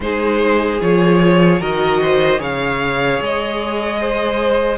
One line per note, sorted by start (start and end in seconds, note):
0.00 0.80 G#3
0.00 0.80 D#4
0.00 1.60 G#4
0.00 0.81 C5
0.80 1.60 F3
0.80 1.60 F4
0.80 1.61 C#5
1.60 2.40 D#3
1.60 2.38 F#4
1.60 2.00 A#4
1.60 2.41 D#5
2.01 2.39 C5
2.38 3.20 C#3
2.38 4.78 G#4
2.38 3.99 C#5
2.38 3.22 F5
3.20 4.78 G#3
3.20 4.78 D#5
4.00 4.78 C5